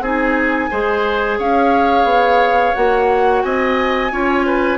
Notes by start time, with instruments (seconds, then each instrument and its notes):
0.00 bassoon C4, clarinet D#4, oboe G#4, flute G#5
0.70 bassoon G#3, clarinet G#4, oboe C5
1.38 bassoon C#4, oboe C#5, flute F5
2.04 bassoon B3
2.74 bassoon A#3, clarinet F#4, flute F#5
3.42 bassoon C4, oboe D#5, flute G#5
4.11 bassoon C#4, clarinet F4, oboe C#5
4.46 oboe B4